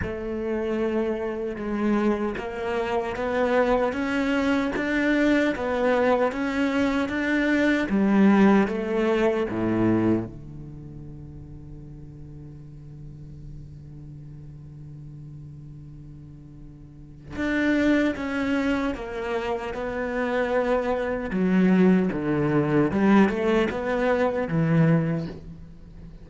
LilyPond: \new Staff \with { instrumentName = "cello" } { \time 4/4 \tempo 4 = 76 a2 gis4 ais4 | b4 cis'4 d'4 b4 | cis'4 d'4 g4 a4 | a,4 d2.~ |
d1~ | d2 d'4 cis'4 | ais4 b2 fis4 | d4 g8 a8 b4 e4 | }